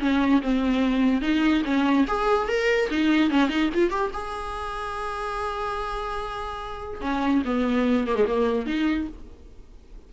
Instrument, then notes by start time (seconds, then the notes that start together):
viola
0.00 C#4
0.42 C4
1.21 D#4
1.65 C#4
2.07 G#4
2.48 A#4
2.90 D#4
3.30 C#4
3.49 D#4
3.74 F4
3.90 G4
4.13 G#4
7.01 C#4
7.45 B3
8.07 A#3
8.16 G#3
8.27 A#3
8.66 D#4